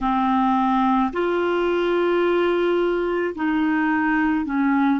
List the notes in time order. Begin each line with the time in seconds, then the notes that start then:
0.00 C4
1.12 F4
3.35 D#4
4.45 C#4